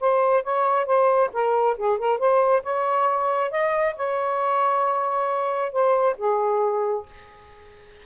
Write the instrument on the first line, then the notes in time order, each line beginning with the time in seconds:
saxophone
0.00 C5
0.43 C#5
0.86 C5
1.33 A#4
1.77 G#4
1.98 A#4
2.18 C5
2.62 C#5
3.51 D#5
3.96 C#5
5.72 C5
6.17 G#4